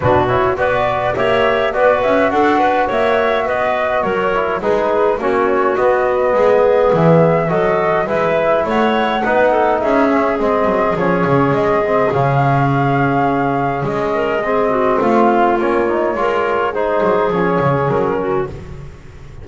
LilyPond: <<
  \new Staff \with { instrumentName = "flute" } { \time 4/4 \tempo 4 = 104 b'8 cis''8 d''4 e''4 d''8 e''8 | fis''4 e''4 dis''4 cis''4 | b'4 cis''4 dis''2 | e''4 dis''4 e''4 fis''4~ |
fis''4 e''4 dis''4 cis''4 | dis''4 f''2. | dis''2 f''4 cis''4~ | cis''4 c''4 cis''4 ais'4 | }
  \new Staff \with { instrumentName = "clarinet" } { \time 4/4 fis'4 b'4 cis''4 b'4 | a'8 b'8 cis''4 b'4 ais'4 | gis'4 fis'2 gis'4~ | gis'4 a'4 b'4 cis''4 |
b'8 a'8 gis'2.~ | gis'1~ | gis'8 ais'8 gis'8 fis'8 f'2 | ais'4 gis'2~ gis'8 fis'8 | }
  \new Staff \with { instrumentName = "trombone" } { \time 4/4 d'8 e'8 fis'4 g'4 fis'4~ | fis'2.~ fis'8 e'8 | dis'4 cis'4 b2~ | b4 fis'4 e'2 |
dis'4. cis'8 c'4 cis'4~ | cis'8 c'8 cis'2.~ | cis'4 c'2 cis'8 dis'8 | f'4 dis'4 cis'2 | }
  \new Staff \with { instrumentName = "double bass" } { \time 4/4 b,4 b4 ais4 b8 cis'8 | d'4 ais4 b4 fis4 | gis4 ais4 b4 gis4 | e4 fis4 gis4 a4 |
b4 cis'4 gis8 fis8 f8 cis8 | gis4 cis2. | gis2 a4 ais4 | gis4. fis8 f8 cis8 fis4 | }
>>